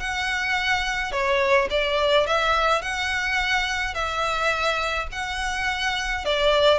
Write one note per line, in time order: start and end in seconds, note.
0.00 1.12 F#5
1.12 1.69 C#5
1.71 2.27 D5
2.27 2.82 E5
2.82 3.94 F#5
3.94 5.08 E5
5.12 6.25 F#5
6.25 6.79 D5